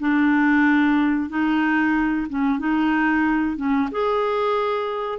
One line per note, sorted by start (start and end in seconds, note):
0.00 1.30 D4
1.30 2.27 D#4
2.30 2.59 C#4
2.59 3.57 D#4
3.57 3.90 C#4
3.92 5.19 G#4